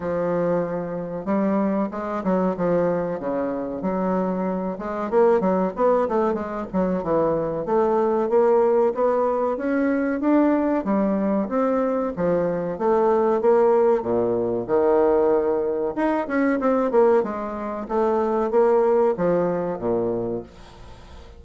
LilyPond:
\new Staff \with { instrumentName = "bassoon" } { \time 4/4 \tempo 4 = 94 f2 g4 gis8 fis8 | f4 cis4 fis4. gis8 | ais8 fis8 b8 a8 gis8 fis8 e4 | a4 ais4 b4 cis'4 |
d'4 g4 c'4 f4 | a4 ais4 ais,4 dis4~ | dis4 dis'8 cis'8 c'8 ais8 gis4 | a4 ais4 f4 ais,4 | }